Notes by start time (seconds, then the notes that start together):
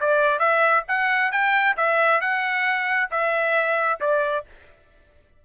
0.00 D5
0.39 E5
0.88 F#5
1.32 G5
1.77 E5
2.21 F#5
3.11 E5
4.01 D5